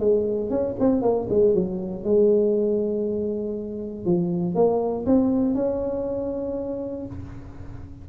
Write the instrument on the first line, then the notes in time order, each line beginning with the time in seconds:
tuba
0.00 G#3
0.50 C#4
0.80 C4
1.02 A#3
1.30 G#3
1.55 F#3
2.04 G#3
4.05 F3
4.55 A#3
5.06 C4
5.55 C#4